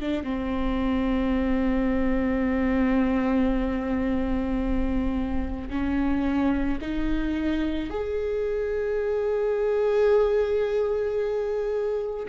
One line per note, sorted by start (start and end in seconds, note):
0.00 0.24 D4
0.24 5.69 C4
5.70 6.79 C#4
6.81 7.90 D#4
7.90 12.27 G#4